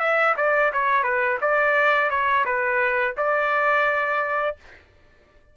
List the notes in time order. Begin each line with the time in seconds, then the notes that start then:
0.00 E5
0.37 D5
0.73 C#5
1.03 B4
1.41 D5
2.10 C#5
2.45 B4
3.17 D5